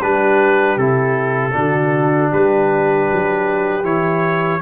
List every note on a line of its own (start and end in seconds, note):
0.00 0.77 G3
0.00 0.79 D4
0.00 1.54 G4
0.00 0.77 B4
0.77 1.54 C3
0.77 1.52 E4
0.77 2.31 A4
1.52 2.32 D3
1.52 3.83 D4
1.52 2.30 F#4
2.30 3.10 G3
2.30 4.61 G4
2.30 3.84 B4
3.11 3.83 F#3
3.83 4.60 E3
3.83 4.60 E4
3.83 4.61 C#5